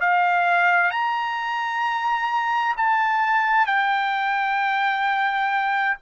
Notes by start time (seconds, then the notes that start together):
0.00 F5
0.91 A#5
2.77 A5
3.66 G5